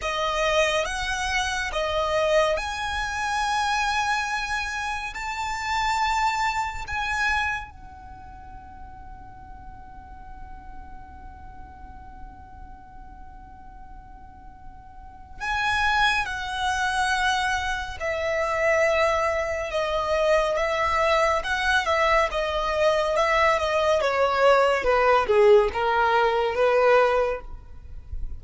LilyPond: \new Staff \with { instrumentName = "violin" } { \time 4/4 \tempo 4 = 70 dis''4 fis''4 dis''4 gis''4~ | gis''2 a''2 | gis''4 fis''2.~ | fis''1~ |
fis''2 gis''4 fis''4~ | fis''4 e''2 dis''4 | e''4 fis''8 e''8 dis''4 e''8 dis''8 | cis''4 b'8 gis'8 ais'4 b'4 | }